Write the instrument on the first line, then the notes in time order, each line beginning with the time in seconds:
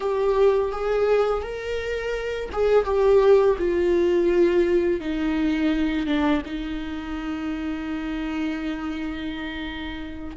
viola
0.00 G4
0.71 G#4
1.42 A#4
2.52 G#4
2.84 G4
3.58 F4
5.00 D#4
6.06 D4
6.45 D#4